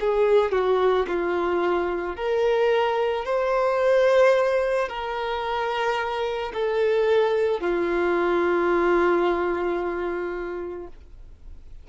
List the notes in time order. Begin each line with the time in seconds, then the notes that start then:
0.00 G#4
0.52 F#4
1.07 F4
2.16 A#4
3.24 C5
4.88 A#4
6.53 A4
7.60 F4